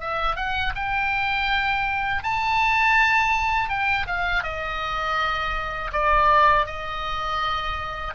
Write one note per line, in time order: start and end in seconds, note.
0.00 0.36 E5
0.36 0.73 F#5
0.75 2.23 G5
2.23 3.69 A5
3.69 4.06 G5
4.07 4.43 F5
4.43 5.91 D#5
5.92 6.66 D5
6.66 8.14 D#5